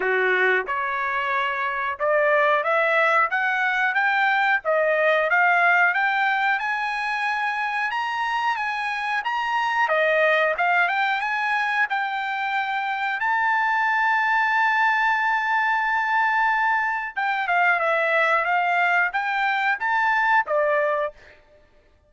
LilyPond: \new Staff \with { instrumentName = "trumpet" } { \time 4/4 \tempo 4 = 91 fis'4 cis''2 d''4 | e''4 fis''4 g''4 dis''4 | f''4 g''4 gis''2 | ais''4 gis''4 ais''4 dis''4 |
f''8 g''8 gis''4 g''2 | a''1~ | a''2 g''8 f''8 e''4 | f''4 g''4 a''4 d''4 | }